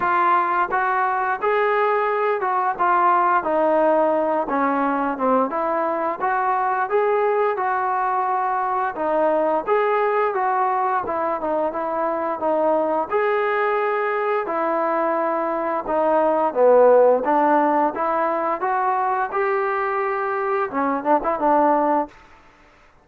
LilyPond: \new Staff \with { instrumentName = "trombone" } { \time 4/4 \tempo 4 = 87 f'4 fis'4 gis'4. fis'8 | f'4 dis'4. cis'4 c'8 | e'4 fis'4 gis'4 fis'4~ | fis'4 dis'4 gis'4 fis'4 |
e'8 dis'8 e'4 dis'4 gis'4~ | gis'4 e'2 dis'4 | b4 d'4 e'4 fis'4 | g'2 cis'8 d'16 e'16 d'4 | }